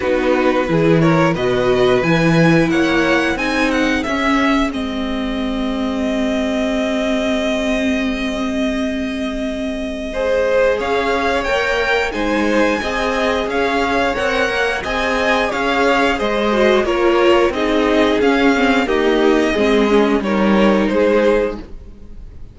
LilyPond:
<<
  \new Staff \with { instrumentName = "violin" } { \time 4/4 \tempo 4 = 89 b'4. cis''8 dis''4 gis''4 | fis''4 gis''8 fis''8 e''4 dis''4~ | dis''1~ | dis''1 |
f''4 g''4 gis''2 | f''4 fis''4 gis''4 f''4 | dis''4 cis''4 dis''4 f''4 | dis''2 cis''4 c''4 | }
  \new Staff \with { instrumentName = "violin" } { \time 4/4 fis'4 gis'8 ais'8 b'2 | cis''4 gis'2.~ | gis'1~ | gis'2. c''4 |
cis''2 c''4 dis''4 | cis''2 dis''4 cis''4 | c''4 ais'4 gis'2 | g'4 gis'4 ais'4 gis'4 | }
  \new Staff \with { instrumentName = "viola" } { \time 4/4 dis'4 e'4 fis'4 e'4~ | e'4 dis'4 cis'4 c'4~ | c'1~ | c'2. gis'4~ |
gis'4 ais'4 dis'4 gis'4~ | gis'4 ais'4 gis'2~ | gis'8 fis'8 f'4 dis'4 cis'8 c'8 | ais4 c'8 cis'8 dis'2 | }
  \new Staff \with { instrumentName = "cello" } { \time 4/4 b4 e4 b,4 e4 | ais4 c'4 cis'4 gis4~ | gis1~ | gis1 |
cis'4 ais4 gis4 c'4 | cis'4 c'8 ais8 c'4 cis'4 | gis4 ais4 c'4 cis'4 | dis'4 gis4 g4 gis4 | }
>>